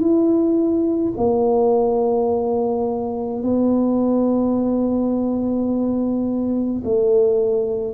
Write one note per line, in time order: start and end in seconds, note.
0.00 1.13 E4
1.17 3.43 A#3
3.43 6.83 B3
6.84 7.95 A3